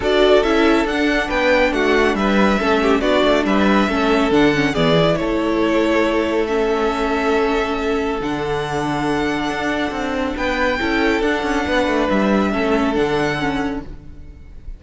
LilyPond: <<
  \new Staff \with { instrumentName = "violin" } { \time 4/4 \tempo 4 = 139 d''4 e''4 fis''4 g''4 | fis''4 e''2 d''4 | e''2 fis''4 d''4 | cis''2. e''4~ |
e''2. fis''4~ | fis''1 | g''2 fis''2 | e''2 fis''2 | }
  \new Staff \with { instrumentName = "violin" } { \time 4/4 a'2. b'4 | fis'4 b'4 a'8 g'8 fis'4 | b'4 a'2 gis'4 | a'1~ |
a'1~ | a'1 | b'4 a'2 b'4~ | b'4 a'2. | }
  \new Staff \with { instrumentName = "viola" } { \time 4/4 fis'4 e'4 d'2~ | d'2 cis'4 d'4~ | d'4 cis'4 d'8 cis'8 b8 e'8~ | e'2. cis'4~ |
cis'2. d'4~ | d'1~ | d'4 e'4 d'2~ | d'4 cis'4 d'4 cis'4 | }
  \new Staff \with { instrumentName = "cello" } { \time 4/4 d'4 cis'4 d'4 b4 | a4 g4 a4 b8 a8 | g4 a4 d4 e4 | a1~ |
a2. d4~ | d2 d'4 c'4 | b4 cis'4 d'8 cis'8 b8 a8 | g4 a4 d2 | }
>>